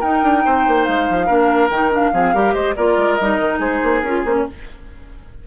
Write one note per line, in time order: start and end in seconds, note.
0.00 0.22 D#4
0.00 1.27 D#4
0.00 0.42 A#4
0.00 0.84 G5
0.22 0.44 D4
0.45 0.67 C4
0.45 1.26 C5
0.67 0.88 A#3
0.84 1.09 G#3
0.84 1.69 F5
1.09 1.29 F3
1.26 1.70 A#3
1.26 1.70 D4
1.26 2.11 A#4
1.70 2.12 D#3
1.70 1.91 D#4
1.70 1.92 G5
1.91 2.12 D4
1.91 2.53 F5
2.12 2.34 F3
2.12 2.34 C4
2.12 2.34 G#4
2.34 2.54 G3
2.34 2.76 G4
2.34 2.54 A#4
2.53 2.75 G#3
2.53 2.75 C5
2.53 2.74 D#5
2.75 2.97 A#3
2.75 3.19 F4
2.75 3.59 A#4
2.75 3.15 D5
2.97 3.18 G#3
3.15 3.38 G3
3.15 4.05 D#4
3.15 3.57 D#5
3.38 3.59 D#3
3.59 3.80 G#3
3.59 4.43 G#4
3.59 4.01 C5
3.83 4.02 A#3
4.01 4.24 C#4
4.01 4.26 F4
4.01 4.22 A#4
4.25 4.46 A#3
4.25 4.47 C#4
4.25 4.36 C5
4.36 4.47 C#5